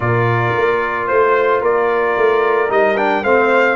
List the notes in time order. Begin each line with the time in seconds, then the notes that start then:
0.00 A#2 F4 A#4 D5
0.57 A#3
1.07 A3 C5
1.61 A#3 A#4 D5
2.17 A3
2.68 G3 D#4 D#5
2.96 D4 G5
3.23 A3 C4 C5 F5